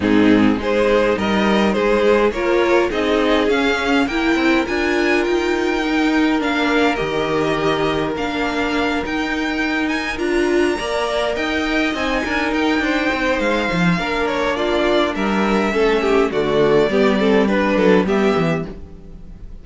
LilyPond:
<<
  \new Staff \with { instrumentName = "violin" } { \time 4/4 \tempo 4 = 103 gis'4 c''4 dis''4 c''4 | cis''4 dis''4 f''4 g''4 | gis''4 g''2 f''4 | dis''2 f''4. g''8~ |
g''4 gis''8 ais''2 g''8~ | g''8 gis''4 g''4. f''4~ | f''8 cis''8 d''4 e''2 | d''2 b'4 e''4 | }
  \new Staff \with { instrumentName = "violin" } { \time 4/4 dis'4 gis'4 ais'4 gis'4 | ais'4 gis'2 ais'4~ | ais'1~ | ais'1~ |
ais'2~ ais'8 d''4 dis''8~ | dis''4 ais'4 c''2 | ais'4 f'4 ais'4 a'8 g'8 | fis'4 g'8 a'8 b'8 a'8 g'4 | }
  \new Staff \with { instrumentName = "viola" } { \time 4/4 c'4 dis'2. | f'4 dis'4 cis'4 e'4 | f'2 dis'4 d'4 | g'2 d'4. dis'8~ |
dis'4. f'4 ais'4.~ | ais'8 dis'2.~ dis'8 | d'2. cis'4 | a4 b8 c'8 d'4 b4 | }
  \new Staff \with { instrumentName = "cello" } { \time 4/4 gis,4 gis4 g4 gis4 | ais4 c'4 cis'4 ais8 c'8 | d'4 dis'2 ais4 | dis2 ais4. dis'8~ |
dis'4. d'4 ais4 dis'8~ | dis'8 c'8 d'8 dis'8 d'8 c'8 gis8 f8 | ais2 g4 a4 | d4 g4. fis8 g8 e8 | }
>>